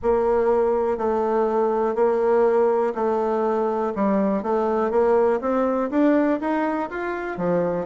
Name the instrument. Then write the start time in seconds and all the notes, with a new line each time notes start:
bassoon
0.02 A#3
0.97 A3
1.94 A#3
2.95 A3
3.95 G3
4.43 A3
4.90 A#3
5.41 C4
5.90 D4
6.40 D#4
6.89 F4
7.37 F3